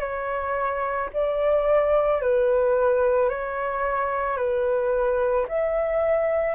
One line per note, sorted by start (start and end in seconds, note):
0.00 1.09 C#5
1.14 2.22 D5
2.22 3.29 B4
3.29 4.37 C#5
4.37 5.46 B4
5.48 6.55 E5